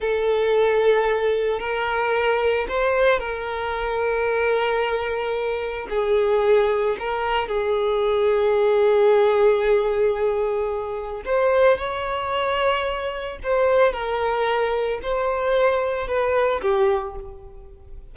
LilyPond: \new Staff \with { instrumentName = "violin" } { \time 4/4 \tempo 4 = 112 a'2. ais'4~ | ais'4 c''4 ais'2~ | ais'2. gis'4~ | gis'4 ais'4 gis'2~ |
gis'1~ | gis'4 c''4 cis''2~ | cis''4 c''4 ais'2 | c''2 b'4 g'4 | }